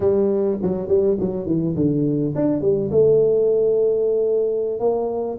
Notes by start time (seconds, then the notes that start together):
0.00 G3
0.62 F#3
0.88 G3
1.19 F#3
1.46 E3
1.75 D3
2.35 D4
2.61 G3
2.91 A3
4.79 A#3